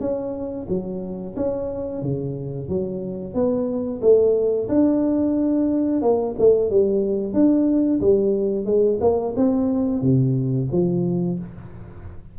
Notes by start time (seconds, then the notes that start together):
0.00 C#4
0.69 F#3
1.36 C#4
2.02 C#3
2.69 F#3
3.34 B3
4.02 A3
4.69 D4
6.02 A#3
6.38 A3
6.70 G3
7.33 D4
8.01 G3
8.65 G#3
9.01 A#3
9.36 C4
10.02 C3
10.72 F3